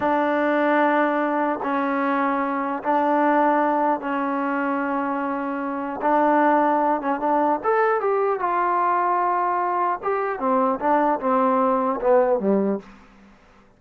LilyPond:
\new Staff \with { instrumentName = "trombone" } { \time 4/4 \tempo 4 = 150 d'1 | cis'2. d'4~ | d'2 cis'2~ | cis'2. d'4~ |
d'4. cis'8 d'4 a'4 | g'4 f'2.~ | f'4 g'4 c'4 d'4 | c'2 b4 g4 | }